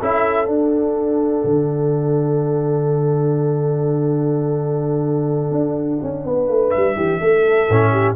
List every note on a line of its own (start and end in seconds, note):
0.00 0.47 C#4
0.00 0.46 E4
0.00 6.24 A4
0.00 0.49 E5
0.46 7.66 D4
0.46 1.43 D4
0.46 6.70 F#5
1.44 5.51 D3
5.51 5.99 D4
6.03 6.25 C#4
6.25 6.49 B3
6.25 6.97 B4
6.49 6.73 A3
6.70 8.14 E5
6.77 6.96 G3
6.96 7.20 E3
6.96 7.21 G4
7.21 7.69 A3
7.21 7.92 A4
7.69 8.16 A2
7.69 8.16 C#4
7.92 8.16 G4